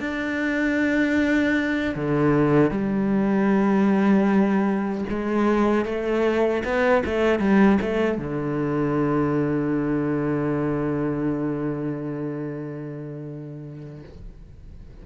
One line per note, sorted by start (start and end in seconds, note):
0.00 1.95 D4
1.95 2.71 D3
2.71 5.04 G3
5.09 5.85 G#3
5.85 6.63 A3
6.64 7.03 B3
7.06 7.40 A3
7.40 7.79 G3
7.81 8.18 A3
8.18 14.03 D3